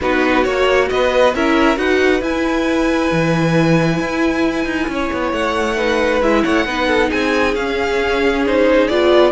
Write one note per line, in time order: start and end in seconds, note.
0.01 0.45 B3
0.01 0.45 D#4
0.01 0.90 F#4
0.01 0.43 B4
0.43 0.90 A#3
0.43 1.34 F#4
0.43 0.88 C#5
0.89 1.34 B3
0.89 1.35 B4
0.89 1.34 D#5
1.34 1.77 C#4
1.34 1.76 E4
1.34 1.79 A#4
1.34 1.77 E5
1.76 2.21 D#4
1.76 2.20 F#4
1.76 4.90 B4
1.76 2.22 F#5
2.21 3.10 E4
2.21 5.77 E4
2.21 5.33 G#5
3.11 3.99 E3
3.99 4.65 E4
4.65 4.87 D#4
4.87 5.10 C#4
4.87 5.76 C#5
5.12 5.32 B3
5.32 6.21 A3
5.32 6.21 F#5
5.76 6.21 D#4
5.76 6.43 B4
6.21 6.43 G#3
6.21 6.67 E4
6.21 6.44 E5
6.44 6.65 A3
6.44 6.66 C#5
6.44 7.10 F#5
6.65 7.10 B3
6.65 7.55 D#4
6.65 6.87 B4
6.87 7.09 A4
7.09 7.55 C4
7.09 9.31 G#4
7.09 7.55 G#5
7.55 8.88 C#4
7.55 8.46 C#4
7.55 8.44 F5
8.46 8.90 D#4
8.46 8.87 C5
8.87 9.31 B3
8.87 9.31 F4
8.87 9.31 D5